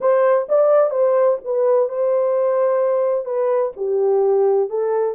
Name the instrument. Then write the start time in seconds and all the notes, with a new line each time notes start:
horn
0.00 C5
0.48 D5
0.90 C5
1.44 B4
1.88 C5
3.25 B4
3.76 G4
4.69 A4